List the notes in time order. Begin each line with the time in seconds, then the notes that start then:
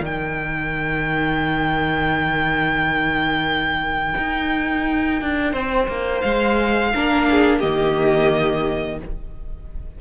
0.00 D#3 D#4 A#4 G5
4.18 D#4
5.21 D4
5.52 C4 C5
5.88 A#3
6.20 G#3 F5
6.94 A#3 D4 A#4
7.30 G#4
7.59 D#3 A#3 G4 D#5